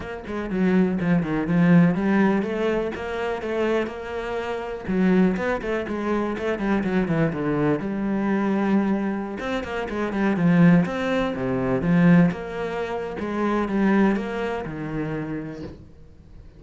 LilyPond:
\new Staff \with { instrumentName = "cello" } { \time 4/4 \tempo 4 = 123 ais8 gis8 fis4 f8 dis8 f4 | g4 a4 ais4 a4 | ais2 fis4 b8 a8 | gis4 a8 g8 fis8 e8 d4 |
g2.~ g16 c'8 ais16~ | ais16 gis8 g8 f4 c'4 c8.~ | c16 f4 ais4.~ ais16 gis4 | g4 ais4 dis2 | }